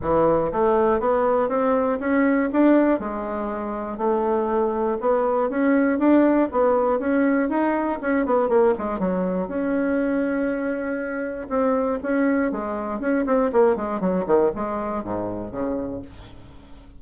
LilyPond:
\new Staff \with { instrumentName = "bassoon" } { \time 4/4 \tempo 4 = 120 e4 a4 b4 c'4 | cis'4 d'4 gis2 | a2 b4 cis'4 | d'4 b4 cis'4 dis'4 |
cis'8 b8 ais8 gis8 fis4 cis'4~ | cis'2. c'4 | cis'4 gis4 cis'8 c'8 ais8 gis8 | fis8 dis8 gis4 gis,4 cis4 | }